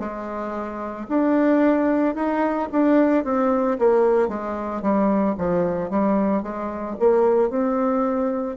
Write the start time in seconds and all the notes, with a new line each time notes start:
0.00 G#3
1.09 D4
2.16 D#4
2.72 D4
3.24 C4
3.79 A#3
4.29 G#3
4.82 G3
5.38 F3
5.90 G3
6.43 G#3
7.00 A#3
7.50 C4